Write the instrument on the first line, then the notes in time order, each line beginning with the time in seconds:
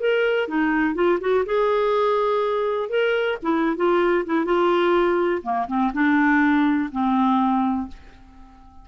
clarinet
0.00 A#4
0.48 D#4
0.95 F4
1.21 F#4
1.46 G#4
2.89 A#4
3.43 E4
3.77 F4
4.26 E4
4.46 F4
5.43 A#3
5.68 C4
5.93 D4
6.91 C4